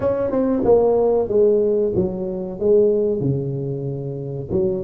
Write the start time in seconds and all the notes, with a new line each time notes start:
0.00 C#4
0.30 C4
0.64 A#3
1.28 G#3
1.95 F#3
2.59 G#3
3.20 C#3
4.51 F#3